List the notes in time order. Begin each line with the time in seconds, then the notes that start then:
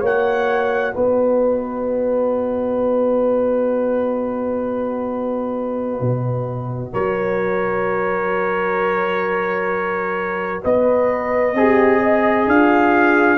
0.00 A#3 F#4 C#5 F#5
0.94 B3 B4 D#5
6.00 B2
6.93 F#3 A#4 C#5
10.63 B3 B4 D#5
11.53 C4 G4 G#4
12.01 D#5
12.47 D4 F4 F5